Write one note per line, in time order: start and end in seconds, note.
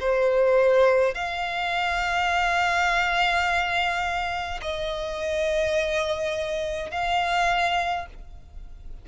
0.00 1.14 C5
1.14 4.60 F5
4.62 6.91 D#5
6.91 8.06 F5